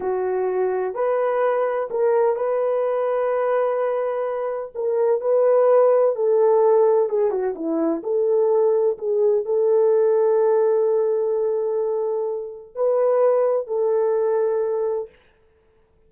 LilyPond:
\new Staff \with { instrumentName = "horn" } { \time 4/4 \tempo 4 = 127 fis'2 b'2 | ais'4 b'2.~ | b'2 ais'4 b'4~ | b'4 a'2 gis'8 fis'8 |
e'4 a'2 gis'4 | a'1~ | a'2. b'4~ | b'4 a'2. | }